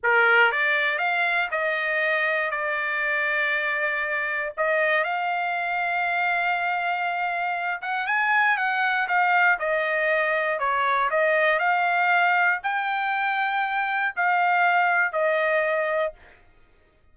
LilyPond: \new Staff \with { instrumentName = "trumpet" } { \time 4/4 \tempo 4 = 119 ais'4 d''4 f''4 dis''4~ | dis''4 d''2.~ | d''4 dis''4 f''2~ | f''2.~ f''8 fis''8 |
gis''4 fis''4 f''4 dis''4~ | dis''4 cis''4 dis''4 f''4~ | f''4 g''2. | f''2 dis''2 | }